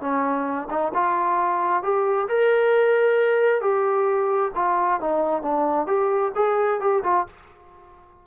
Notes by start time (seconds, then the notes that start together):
0.00 C#4
0.70 D#4
0.94 F4
1.83 G4
2.28 A#4
3.61 G4
4.55 F4
5.00 D#4
5.42 D4
5.87 G4
6.35 G#4
6.80 G4
7.04 F4